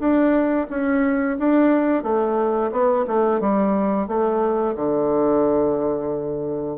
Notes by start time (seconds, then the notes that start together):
0.00 D4
0.70 C#4
1.39 D4
2.04 A3
2.72 B3
3.08 A3
3.41 G3
4.08 A3
4.76 D3